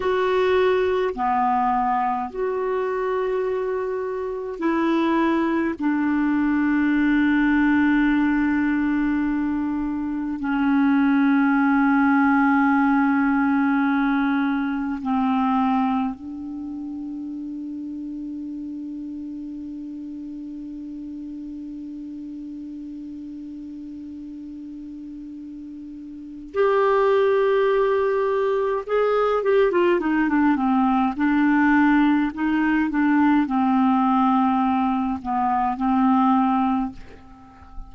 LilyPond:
\new Staff \with { instrumentName = "clarinet" } { \time 4/4 \tempo 4 = 52 fis'4 b4 fis'2 | e'4 d'2.~ | d'4 cis'2.~ | cis'4 c'4 d'2~ |
d'1~ | d'2. g'4~ | g'4 gis'8 g'16 f'16 dis'16 d'16 c'8 d'4 | dis'8 d'8 c'4. b8 c'4 | }